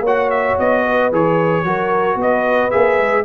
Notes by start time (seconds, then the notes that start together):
0.00 A#3 F#4 C#5
0.06 F#5
0.30 E5
0.58 B3 D#5
0.84 B4
1.11 E3 G#4 C#5
1.64 F#3 F#4 A#4
2.15 B3 B4
2.21 D#5
2.70 A#3 G#4 E5
2.99 G#3